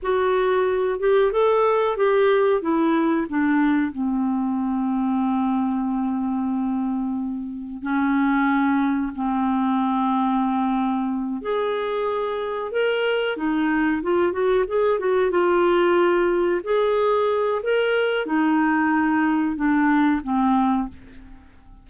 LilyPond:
\new Staff \with { instrumentName = "clarinet" } { \time 4/4 \tempo 4 = 92 fis'4. g'8 a'4 g'4 | e'4 d'4 c'2~ | c'1 | cis'2 c'2~ |
c'4. gis'2 ais'8~ | ais'8 dis'4 f'8 fis'8 gis'8 fis'8 f'8~ | f'4. gis'4. ais'4 | dis'2 d'4 c'4 | }